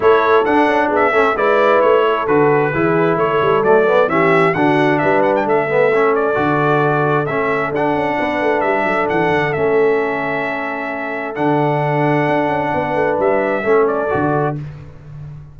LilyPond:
<<
  \new Staff \with { instrumentName = "trumpet" } { \time 4/4 \tempo 4 = 132 cis''4 fis''4 e''4 d''4 | cis''4 b'2 cis''4 | d''4 e''4 fis''4 e''8 fis''16 g''16 | e''4. d''2~ d''8 |
e''4 fis''2 e''4 | fis''4 e''2.~ | e''4 fis''2.~ | fis''4 e''4. d''4. | }
  \new Staff \with { instrumentName = "horn" } { \time 4/4 a'2 gis'8 a'8 b'4~ | b'8 a'4. gis'4 a'4~ | a'4 g'4 fis'4 b'4 | a'1~ |
a'2 b'4. a'8~ | a'1~ | a'1 | b'2 a'2 | }
  \new Staff \with { instrumentName = "trombone" } { \time 4/4 e'4 d'4. cis'8 e'4~ | e'4 fis'4 e'2 | a8 b8 cis'4 d'2~ | d'8 b8 cis'4 fis'2 |
cis'4 d'2.~ | d'4 cis'2.~ | cis'4 d'2.~ | d'2 cis'4 fis'4 | }
  \new Staff \with { instrumentName = "tuba" } { \time 4/4 a4 d'8 cis'8 b8 a8 gis4 | a4 d4 e4 a8 g8 | fis4 e4 d4 g4 | a2 d2 |
a4 d'8 cis'8 b8 a8 g8 fis8 | e8 d8 a2.~ | a4 d2 d'8 cis'8 | b8 a8 g4 a4 d4 | }
>>